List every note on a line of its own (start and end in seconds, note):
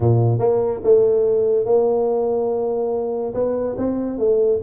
0.00 0.39 A#2
0.39 0.80 A#3
0.83 1.65 A3
1.65 3.33 A#3
3.34 3.76 B3
3.77 4.18 C4
4.18 4.60 A3